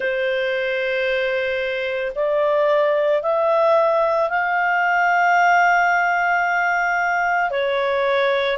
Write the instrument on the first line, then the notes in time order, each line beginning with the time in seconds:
clarinet
0.00 C5
2.15 D5
3.22 E5
4.29 F5
7.50 C#5